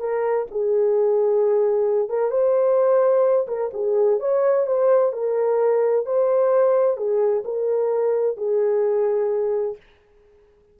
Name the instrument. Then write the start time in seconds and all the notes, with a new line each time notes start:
horn
0.00 A#4
0.51 G#4
2.09 A#4
2.31 C5
3.48 A#4
3.74 G#4
4.20 C#5
4.67 C5
5.13 A#4
6.06 C5
6.97 G#4
7.45 A#4
8.37 G#4